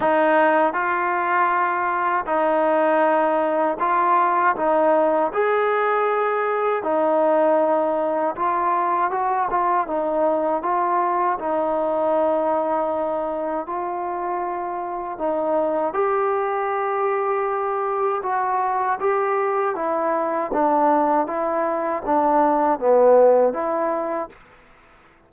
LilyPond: \new Staff \with { instrumentName = "trombone" } { \time 4/4 \tempo 4 = 79 dis'4 f'2 dis'4~ | dis'4 f'4 dis'4 gis'4~ | gis'4 dis'2 f'4 | fis'8 f'8 dis'4 f'4 dis'4~ |
dis'2 f'2 | dis'4 g'2. | fis'4 g'4 e'4 d'4 | e'4 d'4 b4 e'4 | }